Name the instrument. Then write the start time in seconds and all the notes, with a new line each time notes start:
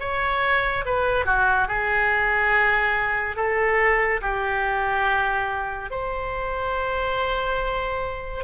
oboe
0.00 C#5
0.86 B4
1.26 F#4
1.68 G#4
3.36 A4
4.22 G4
5.91 C5